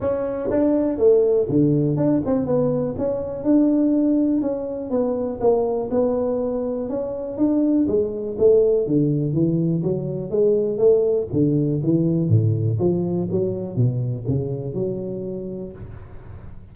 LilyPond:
\new Staff \with { instrumentName = "tuba" } { \time 4/4 \tempo 4 = 122 cis'4 d'4 a4 d4 | d'8 c'8 b4 cis'4 d'4~ | d'4 cis'4 b4 ais4 | b2 cis'4 d'4 |
gis4 a4 d4 e4 | fis4 gis4 a4 d4 | e4 a,4 f4 fis4 | b,4 cis4 fis2 | }